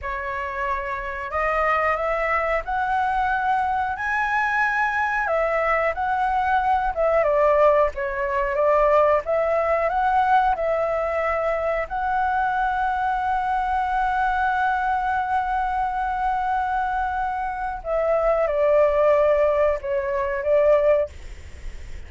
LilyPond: \new Staff \with { instrumentName = "flute" } { \time 4/4 \tempo 4 = 91 cis''2 dis''4 e''4 | fis''2 gis''2 | e''4 fis''4. e''8 d''4 | cis''4 d''4 e''4 fis''4 |
e''2 fis''2~ | fis''1~ | fis''2. e''4 | d''2 cis''4 d''4 | }